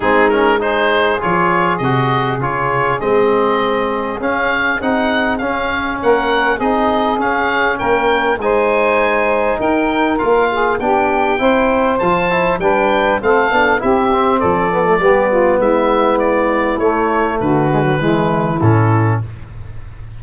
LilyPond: <<
  \new Staff \with { instrumentName = "oboe" } { \time 4/4 \tempo 4 = 100 gis'8 ais'8 c''4 cis''4 dis''4 | cis''4 dis''2 f''4 | fis''4 f''4 fis''4 dis''4 | f''4 g''4 gis''2 |
g''4 f''4 g''2 | a''4 g''4 f''4 e''4 | d''2 e''4 d''4 | cis''4 b'2 a'4 | }
  \new Staff \with { instrumentName = "saxophone" } { \time 4/4 dis'4 gis'2.~ | gis'1~ | gis'2 ais'4 gis'4~ | gis'4 ais'4 c''2 |
ais'4. gis'8 g'4 c''4~ | c''4 b'4 a'4 g'4 | a'4 g'8 f'8 e'2~ | e'4 fis'4 e'2 | }
  \new Staff \with { instrumentName = "trombone" } { \time 4/4 c'8 cis'8 dis'4 f'4 fis'4 | f'4 c'2 cis'4 | dis'4 cis'2 dis'4 | cis'2 dis'2~ |
dis'4 f'4 d'4 e'4 | f'8 e'8 d'4 c'8 d'8 e'8 c'8~ | c'8 b16 a16 b2. | a4. gis16 fis16 gis4 cis'4 | }
  \new Staff \with { instrumentName = "tuba" } { \time 4/4 gis2 f4 c4 | cis4 gis2 cis'4 | c'4 cis'4 ais4 c'4 | cis'4 ais4 gis2 |
dis'4 ais4 b4 c'4 | f4 g4 a8 b8 c'4 | f4 g4 gis2 | a4 d4 e4 a,4 | }
>>